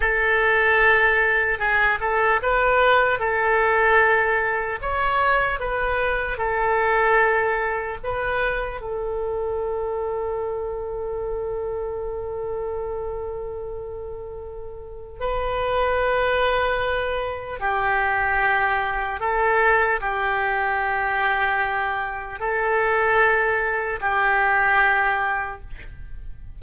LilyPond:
\new Staff \with { instrumentName = "oboe" } { \time 4/4 \tempo 4 = 75 a'2 gis'8 a'8 b'4 | a'2 cis''4 b'4 | a'2 b'4 a'4~ | a'1~ |
a'2. b'4~ | b'2 g'2 | a'4 g'2. | a'2 g'2 | }